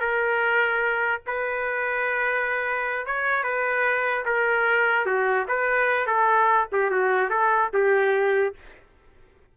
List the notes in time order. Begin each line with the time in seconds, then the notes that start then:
0.00 A#4
1.27 B4
3.06 C#5
3.44 B4
4.26 A#4
5.06 F#4
5.49 B4
6.07 A4
6.73 G4
6.91 F#4
7.30 A4
7.74 G4